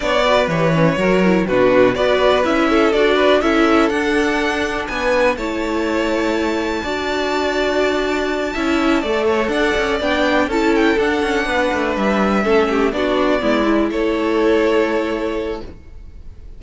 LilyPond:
<<
  \new Staff \with { instrumentName = "violin" } { \time 4/4 \tempo 4 = 123 d''4 cis''2 b'4 | d''4 e''4 d''4 e''4 | fis''2 gis''4 a''4~ | a''1~ |
a''2.~ a''8 fis''8~ | fis''8 g''4 a''8 g''8 fis''4.~ | fis''8 e''2 d''4.~ | d''8 cis''2.~ cis''8 | }
  \new Staff \with { instrumentName = "violin" } { \time 4/4 cis''8 b'4. ais'4 fis'4 | b'4. a'4 b'8 a'4~ | a'2 b'4 cis''4~ | cis''2 d''2~ |
d''4. e''4 d''8 cis''8 d''8~ | d''4. a'2 b'8~ | b'4. a'8 g'8 fis'4 e'8~ | e'8 a'2.~ a'8 | }
  \new Staff \with { instrumentName = "viola" } { \time 4/4 d'8 fis'8 g'8 cis'8 fis'8 e'8 d'4 | fis'4 e'4 fis'4 e'4 | d'2. e'4~ | e'2 fis'2~ |
fis'4. e'4 a'4.~ | a'8 d'4 e'4 d'4.~ | d'4. cis'4 d'4 b8 | e'1 | }
  \new Staff \with { instrumentName = "cello" } { \time 4/4 b4 e4 fis4 b,4 | b4 cis'4 d'4 cis'4 | d'2 b4 a4~ | a2 d'2~ |
d'4. cis'4 a4 d'8 | cis'8 b4 cis'4 d'8 cis'8 b8 | a8 g4 a4 b4 gis8~ | gis8 a2.~ a8 | }
>>